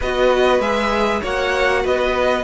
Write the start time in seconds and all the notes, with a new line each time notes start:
0.00 B3 F#4 B4 D#5
0.59 G#3 G#4 E5
1.21 A#3 F#4 C#5 F#5
1.83 B3 B4 D#5